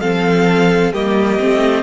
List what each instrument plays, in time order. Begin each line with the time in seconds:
0.00 cello F3, viola C4, violin A4 F5
0.92 cello G3, viola A#3, violin G4 D#5
1.40 cello A3, viola C4